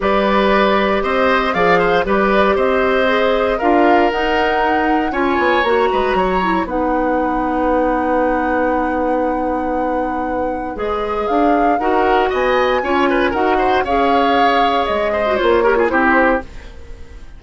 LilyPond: <<
  \new Staff \with { instrumentName = "flute" } { \time 4/4 \tempo 4 = 117 d''2 dis''4 f''4 | d''4 dis''2 f''4 | fis''2 gis''4 ais''4~ | ais''4 fis''2.~ |
fis''1~ | fis''4 dis''4 f''4 fis''4 | gis''2 fis''4 f''4~ | f''4 dis''4 cis''4 c''4 | }
  \new Staff \with { instrumentName = "oboe" } { \time 4/4 b'2 c''4 d''8 c''8 | b'4 c''2 ais'4~ | ais'2 cis''4. b'8 | cis''4 b'2.~ |
b'1~ | b'2. ais'4 | dis''4 cis''8 b'8 ais'8 c''8 cis''4~ | cis''4. c''4 ais'16 gis'16 g'4 | }
  \new Staff \with { instrumentName = "clarinet" } { \time 4/4 g'2. gis'4 | g'2 gis'4 f'4 | dis'2 f'4 fis'4~ | fis'8 e'8 dis'2.~ |
dis'1~ | dis'4 gis'2 fis'4~ | fis'4 f'4 fis'4 gis'4~ | gis'4.~ gis'16 fis'16 f'8 g'16 f'16 e'4 | }
  \new Staff \with { instrumentName = "bassoon" } { \time 4/4 g2 c'4 f4 | g4 c'2 d'4 | dis'2 cis'8 b8 ais8 gis8 | fis4 b2.~ |
b1~ | b4 gis4 d'4 dis'4 | b4 cis'4 dis'4 cis'4~ | cis'4 gis4 ais4 c'4 | }
>>